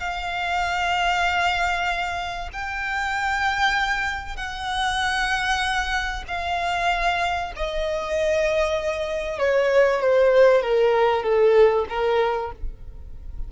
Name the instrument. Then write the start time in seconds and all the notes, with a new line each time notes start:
violin
0.00 F5
2.53 G5
4.36 F#5
6.28 F5
7.56 D#5
9.39 C#5
10.01 C5
10.62 A#4
11.23 A4
11.89 A#4